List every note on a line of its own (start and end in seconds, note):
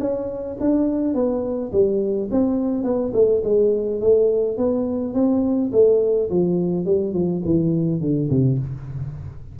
0.00 0.57 C#4
0.60 1.15 D4
1.15 1.72 B3
1.72 2.29 G3
2.31 2.84 C4
2.84 3.12 B3
3.14 3.42 A3
3.44 4.01 G#3
4.01 4.58 A3
4.58 5.14 B3
5.14 5.71 C4
5.72 6.30 A3
6.30 6.86 F3
6.86 7.14 G3
7.14 7.42 F3
7.45 8.01 E3
8.01 8.29 D3
8.30 8.58 C3